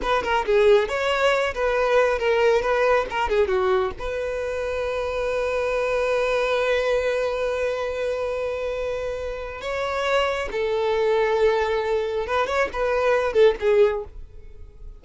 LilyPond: \new Staff \with { instrumentName = "violin" } { \time 4/4 \tempo 4 = 137 b'8 ais'8 gis'4 cis''4. b'8~ | b'4 ais'4 b'4 ais'8 gis'8 | fis'4 b'2.~ | b'1~ |
b'1~ | b'2 cis''2 | a'1 | b'8 cis''8 b'4. a'8 gis'4 | }